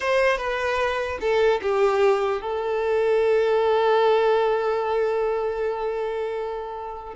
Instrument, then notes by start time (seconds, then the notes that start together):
violin
0.00 C5
0.37 B4
1.20 A4
1.61 G4
2.41 A4